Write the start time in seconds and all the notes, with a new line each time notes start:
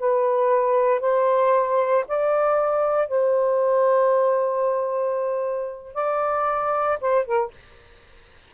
0.00 B4
1.01 C5
2.08 D5
3.08 C5
5.94 D5
7.01 C5
7.25 A#4